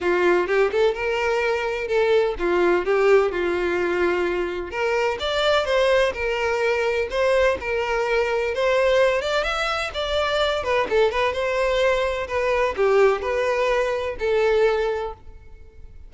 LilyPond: \new Staff \with { instrumentName = "violin" } { \time 4/4 \tempo 4 = 127 f'4 g'8 a'8 ais'2 | a'4 f'4 g'4 f'4~ | f'2 ais'4 d''4 | c''4 ais'2 c''4 |
ais'2 c''4. d''8 | e''4 d''4. b'8 a'8 b'8 | c''2 b'4 g'4 | b'2 a'2 | }